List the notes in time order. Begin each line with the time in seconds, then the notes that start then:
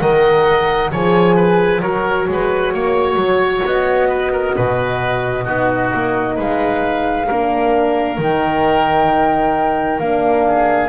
0.00 D#3 A#4 D#5 F#5
0.91 F3 G#4 C#5 G#5
1.36 B4
1.81 F#3 F#4 A#4 C#5
2.29 G#3 B4
2.74 A#3 C#5
3.16 F#3
3.66 B3 D#5
4.09 B4
4.33 A#4
4.56 B2 B4
5.45 B3 D#4 F#4
5.94 A#3
6.36 G#3 B4 F5
7.27 A#3 D4 A#4
8.18 D#3 D#4 G5
9.99 A#3 D4 F5
10.48 G#4